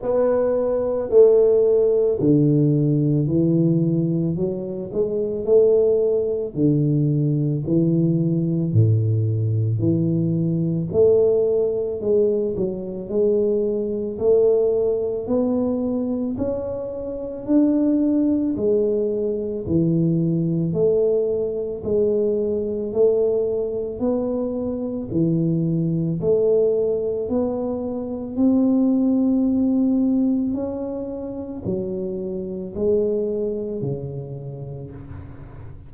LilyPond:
\new Staff \with { instrumentName = "tuba" } { \time 4/4 \tempo 4 = 55 b4 a4 d4 e4 | fis8 gis8 a4 d4 e4 | a,4 e4 a4 gis8 fis8 | gis4 a4 b4 cis'4 |
d'4 gis4 e4 a4 | gis4 a4 b4 e4 | a4 b4 c'2 | cis'4 fis4 gis4 cis4 | }